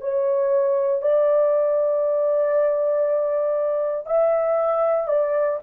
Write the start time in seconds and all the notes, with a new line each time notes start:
0.00 C#5
1.02 D5
4.06 E5
5.08 D5